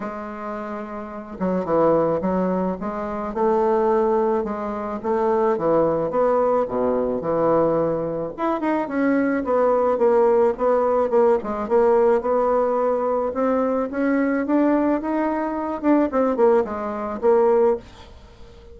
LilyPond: \new Staff \with { instrumentName = "bassoon" } { \time 4/4 \tempo 4 = 108 gis2~ gis8 fis8 e4 | fis4 gis4 a2 | gis4 a4 e4 b4 | b,4 e2 e'8 dis'8 |
cis'4 b4 ais4 b4 | ais8 gis8 ais4 b2 | c'4 cis'4 d'4 dis'4~ | dis'8 d'8 c'8 ais8 gis4 ais4 | }